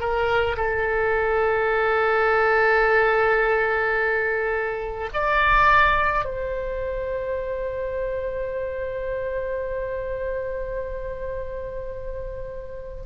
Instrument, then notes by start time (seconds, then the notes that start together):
oboe
0.00 A#4
0.57 A4
5.14 D5
6.25 C5